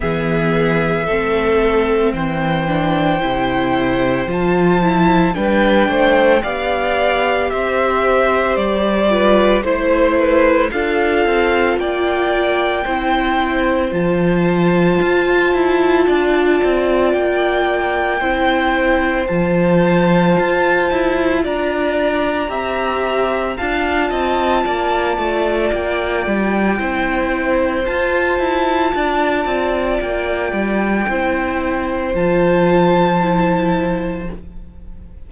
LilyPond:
<<
  \new Staff \with { instrumentName = "violin" } { \time 4/4 \tempo 4 = 56 e''2 g''2 | a''4 g''4 f''4 e''4 | d''4 c''4 f''4 g''4~ | g''4 a''2. |
g''2 a''2 | ais''2 a''2 | g''2 a''2 | g''2 a''2 | }
  \new Staff \with { instrumentName = "violin" } { \time 4/4 gis'4 a'4 c''2~ | c''4 b'8 c''8 d''4 c''4~ | c''8 b'8 c''8 b'8 a'4 d''4 | c''2. d''4~ |
d''4 c''2. | d''4 e''4 f''8 dis''8 d''4~ | d''4 c''2 d''4~ | d''4 c''2. | }
  \new Staff \with { instrumentName = "viola" } { \time 4/4 b4 c'4. d'8 e'4 | f'8 e'8 d'4 g'2~ | g'8 f'8 e'4 f'2 | e'4 f'2.~ |
f'4 e'4 f'2~ | f'4 g'4 f'2~ | f'4 e'4 f'2~ | f'4 e'4 f'4 e'4 | }
  \new Staff \with { instrumentName = "cello" } { \time 4/4 e4 a4 e4 c4 | f4 g8 a8 b4 c'4 | g4 a4 d'8 c'8 ais4 | c'4 f4 f'8 e'8 d'8 c'8 |
ais4 c'4 f4 f'8 e'8 | d'4 c'4 d'8 c'8 ais8 a8 | ais8 g8 c'4 f'8 e'8 d'8 c'8 | ais8 g8 c'4 f2 | }
>>